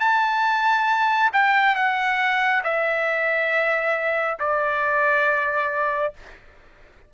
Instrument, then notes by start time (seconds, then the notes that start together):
trumpet
0.00 A5
1.33 G5
1.75 F#5
2.64 E5
4.40 D5